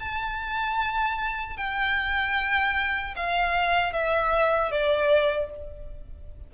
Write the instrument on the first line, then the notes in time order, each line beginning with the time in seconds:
violin
0.00 A5
1.58 G5
3.17 F5
3.93 E5
4.72 D5